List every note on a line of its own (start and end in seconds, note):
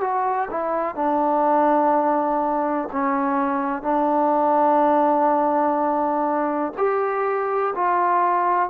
0.00 0.48 F#4
0.50 0.95 E4
0.95 2.89 D4
2.92 3.82 C#4
3.82 6.73 D4
6.77 7.74 G4
7.75 8.69 F4